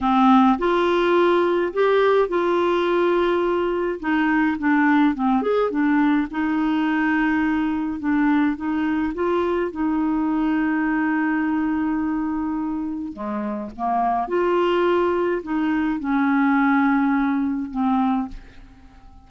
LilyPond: \new Staff \with { instrumentName = "clarinet" } { \time 4/4 \tempo 4 = 105 c'4 f'2 g'4 | f'2. dis'4 | d'4 c'8 gis'8 d'4 dis'4~ | dis'2 d'4 dis'4 |
f'4 dis'2.~ | dis'2. gis4 | ais4 f'2 dis'4 | cis'2. c'4 | }